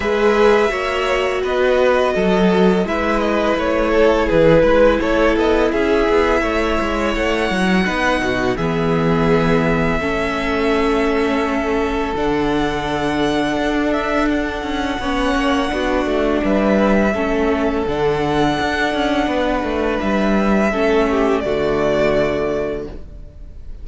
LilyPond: <<
  \new Staff \with { instrumentName = "violin" } { \time 4/4 \tempo 4 = 84 e''2 dis''2 | e''8 dis''8 cis''4 b'4 cis''8 dis''8 | e''2 fis''2 | e''1~ |
e''4 fis''2~ fis''8 e''8 | fis''2. e''4~ | e''4 fis''2. | e''2 d''2 | }
  \new Staff \with { instrumentName = "violin" } { \time 4/4 b'4 cis''4 b'4 a'4 | b'4. a'8 gis'8 b'8 a'4 | gis'4 cis''2 b'8 fis'8 | gis'2 a'2~ |
a'1~ | a'4 cis''4 fis'4 b'4 | a'2. b'4~ | b'4 a'8 g'8 fis'2 | }
  \new Staff \with { instrumentName = "viola" } { \time 4/4 gis'4 fis'2. | e'1~ | e'2. dis'4 | b2 cis'2~ |
cis'4 d'2.~ | d'4 cis'4 d'2 | cis'4 d'2.~ | d'4 cis'4 a2 | }
  \new Staff \with { instrumentName = "cello" } { \time 4/4 gis4 ais4 b4 fis4 | gis4 a4 e8 gis8 a8 b8 | cis'8 b8 a8 gis8 a8 fis8 b8 b,8 | e2 a2~ |
a4 d2 d'4~ | d'8 cis'8 b8 ais8 b8 a8 g4 | a4 d4 d'8 cis'8 b8 a8 | g4 a4 d2 | }
>>